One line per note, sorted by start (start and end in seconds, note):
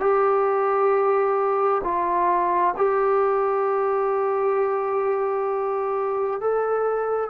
0.00 1.82 G4
1.84 2.75 F4
2.77 6.40 G4
6.40 7.30 A4